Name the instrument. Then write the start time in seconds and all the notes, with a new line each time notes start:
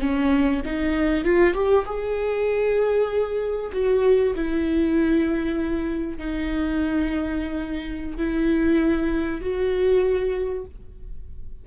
viola
0.00 C#4
0.65 D#4
1.24 F4
1.54 G4
1.86 G#4
3.72 F#4
4.35 E4
6.18 D#4
8.17 E4
9.41 F#4